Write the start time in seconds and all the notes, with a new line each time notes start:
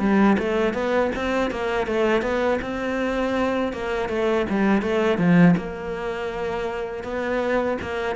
0.00 G3
0.39 A3
0.74 B3
1.16 C4
1.51 A#3
1.87 A3
2.23 B3
2.62 C4
3.73 A#3
4.09 A3
4.50 G3
4.82 A3
5.18 F3
5.57 A#3
7.04 B3
7.82 A#3